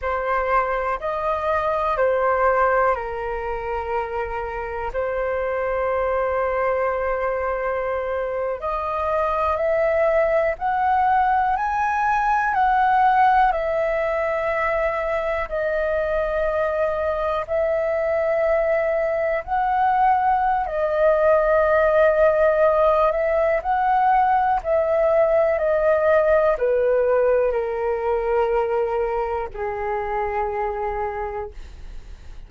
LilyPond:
\new Staff \with { instrumentName = "flute" } { \time 4/4 \tempo 4 = 61 c''4 dis''4 c''4 ais'4~ | ais'4 c''2.~ | c''8. dis''4 e''4 fis''4 gis''16~ | gis''8. fis''4 e''2 dis''16~ |
dis''4.~ dis''16 e''2 fis''16~ | fis''4 dis''2~ dis''8 e''8 | fis''4 e''4 dis''4 b'4 | ais'2 gis'2 | }